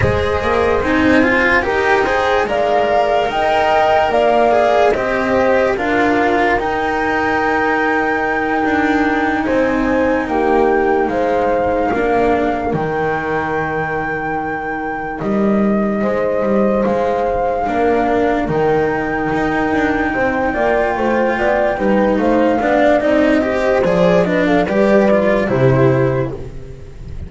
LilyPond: <<
  \new Staff \with { instrumentName = "flute" } { \time 4/4 \tempo 4 = 73 dis''4 gis''4 g''4 f''4 | g''4 f''4 dis''4 f''4 | g''2.~ g''8 gis''8~ | gis''8 g''4 f''2 g''8~ |
g''2~ g''8 dis''4.~ | dis''8 f''2 g''4.~ | g''2. f''4 | dis''4 d''8 dis''16 f''16 d''4 c''4 | }
  \new Staff \with { instrumentName = "horn" } { \time 4/4 c''2 ais'8 c''8 d''4 | dis''4 d''4 c''4 ais'4~ | ais'2.~ ais'8 c''8~ | c''8 g'4 c''4 ais'4.~ |
ais'2.~ ais'8 c''8~ | c''4. ais'2~ ais'8~ | ais'8 c''8 d''8 c''8 d''8 b'8 c''8 d''8~ | d''8 c''4 b'16 a'16 b'4 g'4 | }
  \new Staff \with { instrumentName = "cello" } { \time 4/4 gis'4 dis'8 f'8 g'8 gis'8 ais'4~ | ais'4. gis'8 g'4 f'4 | dis'1~ | dis'2~ dis'8 d'4 dis'8~ |
dis'1~ | dis'4. d'4 dis'4.~ | dis'4 f'4. dis'4 d'8 | dis'8 g'8 gis'8 d'8 g'8 f'8 e'4 | }
  \new Staff \with { instrumentName = "double bass" } { \time 4/4 gis8 ais8 c'4 dis'4 gis4 | dis'4 ais4 c'4 d'4 | dis'2~ dis'8 d'4 c'8~ | c'8 ais4 gis4 ais4 dis8~ |
dis2~ dis8 g4 gis8 | g8 gis4 ais4 dis4 dis'8 | d'8 c'8 ais8 a8 b8 g8 a8 b8 | c'4 f4 g4 c4 | }
>>